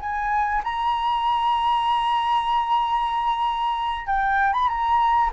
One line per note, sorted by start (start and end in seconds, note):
0.00 0.62 G#5
0.64 4.07 A#5
4.07 4.53 G5
4.53 4.68 B5
4.68 5.30 A#5